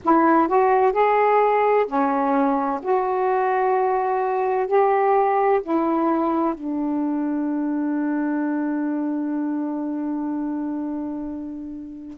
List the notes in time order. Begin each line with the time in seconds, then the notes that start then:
0.04 E4
0.48 F#4
0.92 G#4
1.86 C#4
2.81 F#4
4.67 G4
5.62 E4
6.54 D4